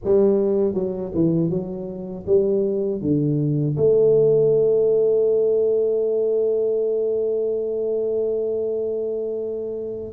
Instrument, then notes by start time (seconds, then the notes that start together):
tuba
0.04 G3
0.74 F#3
1.14 E3
1.50 F#3
2.26 G3
3.01 D3
3.76 A3